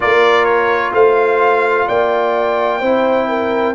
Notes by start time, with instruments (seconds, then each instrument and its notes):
0.00 tuba A#3, trombone F4, horn A#4, trumpet D5
0.44 trumpet C#5
0.93 tuba A3, horn C5, trumpet F5
1.87 tuba A#3, horn D5, trumpet G5
2.79 tuba C4, trombone E4, horn C5
3.28 horn A#4